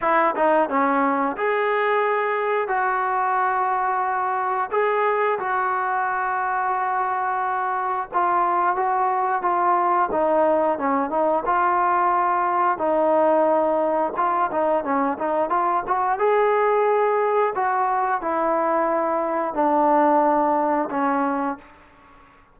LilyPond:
\new Staff \with { instrumentName = "trombone" } { \time 4/4 \tempo 4 = 89 e'8 dis'8 cis'4 gis'2 | fis'2. gis'4 | fis'1 | f'4 fis'4 f'4 dis'4 |
cis'8 dis'8 f'2 dis'4~ | dis'4 f'8 dis'8 cis'8 dis'8 f'8 fis'8 | gis'2 fis'4 e'4~ | e'4 d'2 cis'4 | }